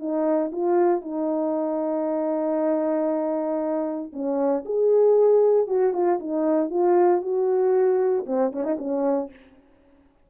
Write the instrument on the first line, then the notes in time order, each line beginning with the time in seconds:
horn
0.00 D#4
0.52 F4
1.02 D#4
4.13 C#4
4.66 G#4
5.68 F#4
5.94 F4
6.20 D#4
6.70 F4
7.22 F#4
8.27 C4
8.53 C#4
8.64 D#4
8.79 C#4